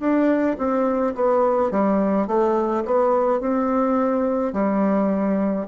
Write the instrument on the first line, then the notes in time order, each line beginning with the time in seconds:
bassoon
0.00 D4
0.58 C4
1.15 B3
1.71 G3
2.27 A3
2.86 B3
3.41 C4
4.53 G3